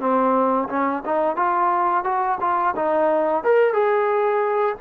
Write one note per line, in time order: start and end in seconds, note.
0.00 0.68 C4
0.69 1.03 C#4
1.06 1.36 D#4
1.36 2.05 F4
2.05 2.39 F#4
2.40 2.75 F4
2.76 3.44 D#4
3.44 3.73 A#4
3.73 4.76 G#4